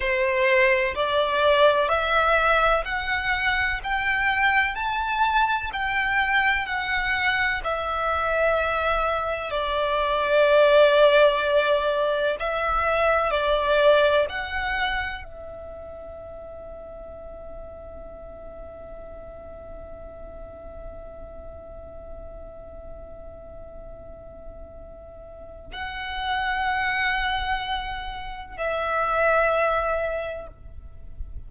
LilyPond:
\new Staff \with { instrumentName = "violin" } { \time 4/4 \tempo 4 = 63 c''4 d''4 e''4 fis''4 | g''4 a''4 g''4 fis''4 | e''2 d''2~ | d''4 e''4 d''4 fis''4 |
e''1~ | e''1~ | e''2. fis''4~ | fis''2 e''2 | }